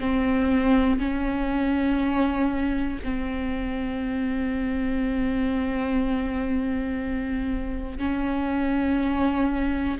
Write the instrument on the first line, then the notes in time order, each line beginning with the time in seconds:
viola
0.00 C4
0.99 C#4
3.04 C4
7.99 C#4